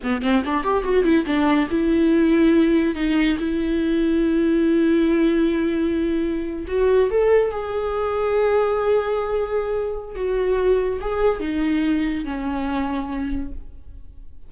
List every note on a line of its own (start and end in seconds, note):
0.03 0.22 B3
0.22 0.43 C4
0.45 0.63 D4
0.63 0.83 G4
0.83 1.04 F#4
1.04 1.25 E4
1.25 1.68 D4
1.70 2.95 E4
2.95 3.37 D#4
3.38 6.66 E4
6.67 7.10 F#4
7.10 7.51 A4
7.51 10.15 G#4
10.15 10.99 F#4
11.00 11.40 G#4
11.40 12.24 D#4
12.24 13.51 C#4